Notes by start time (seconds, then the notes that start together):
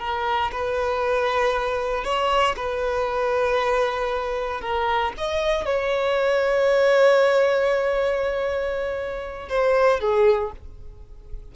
0.00 A#4
0.52 B4
2.04 C#5
2.57 B4
4.62 A#4
5.18 D#5
5.66 C#5
9.50 C5
10.00 G#4